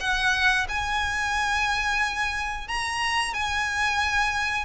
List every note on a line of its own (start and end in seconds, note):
0.00 0.67 F#5
0.68 2.67 G#5
2.67 3.33 A#5
3.33 4.65 G#5